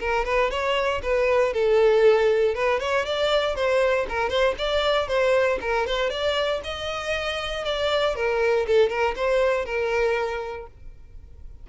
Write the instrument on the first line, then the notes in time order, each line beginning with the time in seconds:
violin
0.00 A#4
0.25 B4
0.51 C#5
1.03 B4
1.54 A4
2.55 B4
2.80 C#5
3.06 D5
3.56 C5
4.10 A#4
4.30 C5
4.59 D5
5.08 C5
5.61 A#4
5.87 C5
6.10 D5
6.64 D#5
7.65 D5
8.16 A#4
8.67 A4
8.90 A#4
9.16 C5
9.66 A#4